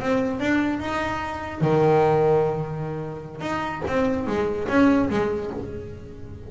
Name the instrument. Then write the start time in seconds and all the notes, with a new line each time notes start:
double bass
0.00 C4
0.40 D4
0.80 D#4
1.61 D#3
3.41 D#4
3.87 C4
4.27 G#3
4.68 C#4
5.10 G#3